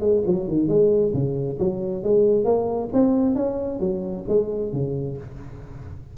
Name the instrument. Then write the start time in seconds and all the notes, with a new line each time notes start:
tuba
0.00 G#3
0.26 F#3
0.48 D#3
0.68 G#3
1.13 C#3
1.59 F#3
2.03 G#3
2.44 A#3
2.93 C4
3.35 C#4
3.80 F#3
4.28 G#3
4.73 C#3